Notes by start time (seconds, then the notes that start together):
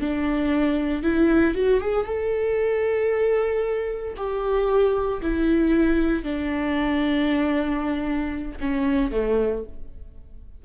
0.00 D4
1.03 E4
1.54 F#4
1.80 G#4
2.05 A4
4.16 G4
5.22 E4
6.23 D4
8.60 C#4
9.11 A3